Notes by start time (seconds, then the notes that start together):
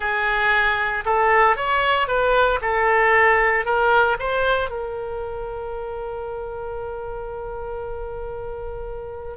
0.00 G#4
1.05 A4
1.56 C#5
2.07 B4
2.61 A4
3.65 A#4
4.19 C5
4.70 A#4